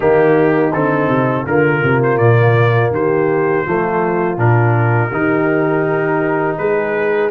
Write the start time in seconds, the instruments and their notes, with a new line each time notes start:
0.00 tuba D#3, trombone A#3, horn D#4, trumpet G4
0.73 tuba D3, trombone C4, trumpet A4
1.08 tuba C3
1.45 tuba D3, trombone A#3, horn F4, trumpet A#4
1.82 tuba C3
2.03 trumpet C5
2.17 tuba A#2, trumpet D5
2.90 tuba D#3, horn G4, trumpet C5
3.65 tuba F3, trombone A3, horn F4
4.37 tuba A#2, trombone D4, trumpet A#4
5.11 tuba D#3, trombone D#4, horn G4
6.57 tuba G#3, horn G#4, trumpet B4